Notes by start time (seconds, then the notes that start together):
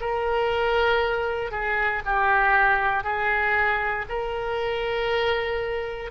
0.00 A#4
1.51 G#4
2.05 G4
3.03 G#4
4.09 A#4